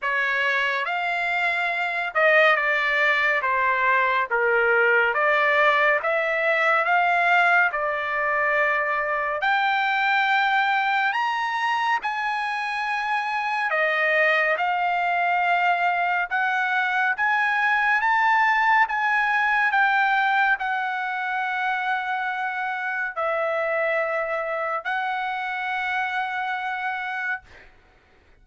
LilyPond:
\new Staff \with { instrumentName = "trumpet" } { \time 4/4 \tempo 4 = 70 cis''4 f''4. dis''8 d''4 | c''4 ais'4 d''4 e''4 | f''4 d''2 g''4~ | g''4 ais''4 gis''2 |
dis''4 f''2 fis''4 | gis''4 a''4 gis''4 g''4 | fis''2. e''4~ | e''4 fis''2. | }